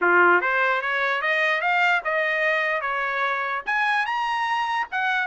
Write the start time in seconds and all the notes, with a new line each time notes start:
0.01 F4
0.41 C5
0.81 C#5
1.21 D#5
1.61 F5
2.04 D#5
2.81 C#5
3.65 G#5
4.05 A#5
4.91 F#5